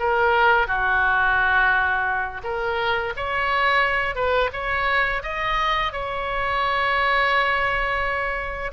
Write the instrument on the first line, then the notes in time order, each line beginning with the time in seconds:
oboe
0.00 A#4
0.68 F#4
2.44 A#4
3.17 C#5
4.16 B4
4.53 C#5
5.23 D#5
5.93 C#5